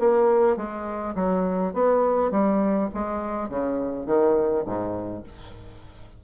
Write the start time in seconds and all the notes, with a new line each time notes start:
0.00 A#3
0.57 G#3
1.15 F#3
1.74 B3
2.32 G3
2.94 G#3
3.49 C#3
4.07 D#3
4.66 G#2